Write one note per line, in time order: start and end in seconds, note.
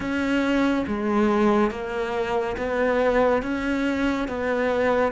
0.00 0.84 C#4
0.86 1.70 G#3
1.70 2.56 A#3
2.57 3.42 B3
3.42 4.27 C#4
4.27 5.12 B3